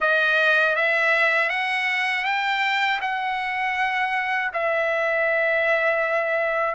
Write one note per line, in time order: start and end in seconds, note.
0.00 0.75 D#5
0.75 1.49 E5
1.49 2.24 F#5
2.24 2.99 G5
3.01 4.51 F#5
4.53 6.74 E5